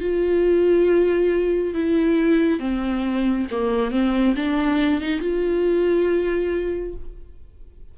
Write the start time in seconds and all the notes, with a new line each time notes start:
0.00 F4
1.74 E4
2.59 C4
3.51 A#3
3.91 C4
4.35 D4
5.00 D#4
5.20 F4